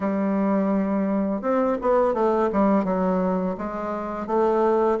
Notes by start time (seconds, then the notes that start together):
0.00 G3
1.41 C4
1.81 B3
2.14 A3
2.52 G3
2.84 F#3
3.57 G#3
4.27 A3